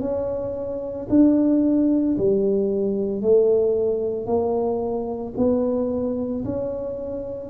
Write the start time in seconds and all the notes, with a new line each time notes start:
0.00 C#4
1.09 D4
2.18 G3
3.22 A3
4.26 A#3
5.37 B3
6.44 C#4